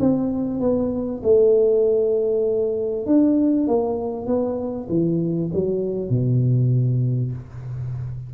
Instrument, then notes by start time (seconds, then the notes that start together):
tuba
0.00 C4
0.60 B3
1.23 A3
3.06 D4
3.67 A#3
4.27 B3
4.89 E3
5.54 F#3
6.09 B2